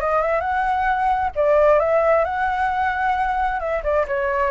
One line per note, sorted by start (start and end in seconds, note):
0.00 0.22 D#5
0.22 0.40 E5
0.40 1.30 F#5
1.35 1.79 D5
1.79 2.24 E5
2.24 3.59 F#5
3.59 3.82 E5
3.83 4.06 D5
4.07 4.51 C#5